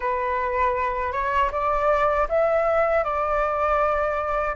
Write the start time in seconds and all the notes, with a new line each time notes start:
0.00 B4
1.12 C#5
1.51 D5
2.28 E5
3.04 D5